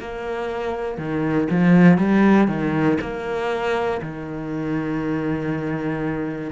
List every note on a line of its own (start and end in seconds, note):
0.00 0.98 A#3
0.98 1.48 D#3
1.50 1.98 F3
1.98 2.48 G3
2.48 2.98 D#3
3.01 4.01 A#3
4.02 6.52 D#3